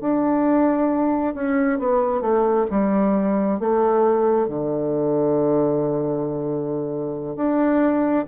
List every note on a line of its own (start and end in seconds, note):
0.00 1.34 D4
1.34 1.79 C#4
1.79 2.21 B3
2.21 2.66 A3
2.70 3.59 G3
3.59 4.47 A3
4.47 7.36 D3
7.36 8.25 D4